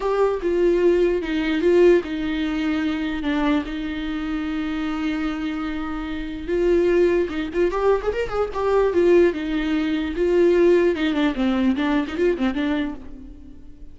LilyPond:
\new Staff \with { instrumentName = "viola" } { \time 4/4 \tempo 4 = 148 g'4 f'2 dis'4 | f'4 dis'2. | d'4 dis'2.~ | dis'1 |
f'2 dis'8 f'8 g'8. gis'16 | ais'8 gis'8 g'4 f'4 dis'4~ | dis'4 f'2 dis'8 d'8 | c'4 d'8. dis'16 f'8 c'8 d'4 | }